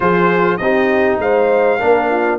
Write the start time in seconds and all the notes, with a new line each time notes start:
0.00 F3 F4 G#4 C5
0.57 C4 D#4 G4 D#5
1.18 G#3 C5 F5
1.79 A#3 D4 A#4
2.10 F4